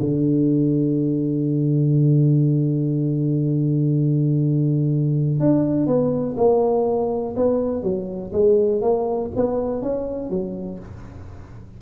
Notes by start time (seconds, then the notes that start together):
0.00 D3
5.40 D4
5.87 B3
6.37 A#3
7.36 B3
7.83 F#3
8.33 G#3
8.81 A#3
9.36 B3
9.82 C#4
10.30 F#3